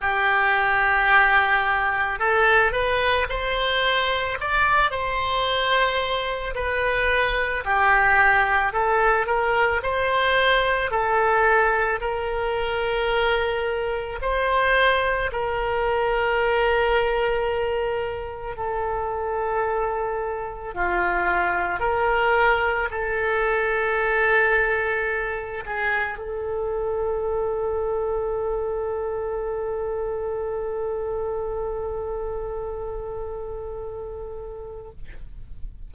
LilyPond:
\new Staff \with { instrumentName = "oboe" } { \time 4/4 \tempo 4 = 55 g'2 a'8 b'8 c''4 | d''8 c''4. b'4 g'4 | a'8 ais'8 c''4 a'4 ais'4~ | ais'4 c''4 ais'2~ |
ais'4 a'2 f'4 | ais'4 a'2~ a'8 gis'8 | a'1~ | a'1 | }